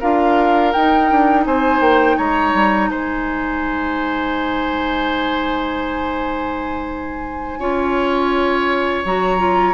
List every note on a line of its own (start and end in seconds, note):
0.00 0.74 D4
0.00 0.73 F4
0.00 1.45 A#4
0.00 0.72 F5
0.72 7.60 D#4
0.72 1.11 D#4
0.72 1.44 G5
1.11 1.45 D4
1.45 1.80 C4
1.45 2.17 C5
1.45 1.82 G#5
1.80 2.16 A#3
1.80 2.18 G5
2.17 2.53 G#3
2.17 2.89 C#5
2.17 2.90 A#5
2.53 2.89 G3
2.89 7.59 G#3
2.89 7.59 C5
2.89 9.04 G#5
7.59 9.03 C#4
7.59 9.05 F4
7.59 9.74 C#5
9.05 9.74 F#3
9.05 9.38 F#4
9.05 9.74 A#5
9.38 9.74 F4